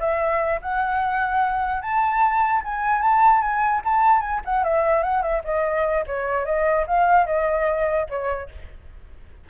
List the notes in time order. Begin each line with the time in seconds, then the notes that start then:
0.00 E5
0.62 F#5
1.82 A5
2.64 G#5
3.01 A5
3.41 G#5
3.85 A5
4.21 G#5
4.45 F#5
4.64 E5
5.03 F#5
5.22 E5
5.44 D#5
6.07 C#5
6.46 D#5
6.87 F5
7.26 D#5
8.09 C#5